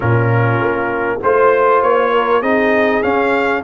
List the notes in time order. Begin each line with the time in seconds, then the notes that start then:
0.00 A#2 C#4 F4 A#4
0.60 A#3
1.22 A3 F4 C5
1.82 A#3 C#5
2.11 A#4
2.40 C4 D#4 G#4 D#5
3.02 C#4 F5